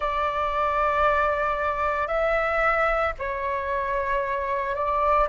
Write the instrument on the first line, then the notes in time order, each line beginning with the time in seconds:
flute
0.00 D5
2.07 E5
3.18 C#5
4.75 D5